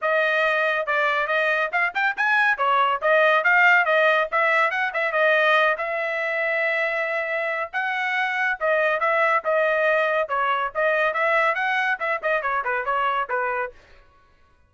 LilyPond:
\new Staff \with { instrumentName = "trumpet" } { \time 4/4 \tempo 4 = 140 dis''2 d''4 dis''4 | f''8 g''8 gis''4 cis''4 dis''4 | f''4 dis''4 e''4 fis''8 e''8 | dis''4. e''2~ e''8~ |
e''2 fis''2 | dis''4 e''4 dis''2 | cis''4 dis''4 e''4 fis''4 | e''8 dis''8 cis''8 b'8 cis''4 b'4 | }